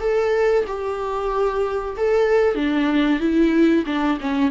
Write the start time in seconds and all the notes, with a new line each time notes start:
0.00 A4
0.67 G4
1.97 A4
2.55 D4
3.20 E4
3.86 D4
4.20 C#4